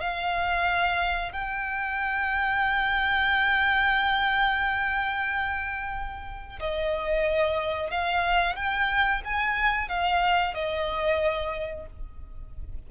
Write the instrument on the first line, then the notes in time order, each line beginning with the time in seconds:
violin
0.00 F5
1.32 G5
6.60 D#5
7.91 F5
8.56 G5
9.25 G#5
9.88 F5
10.54 D#5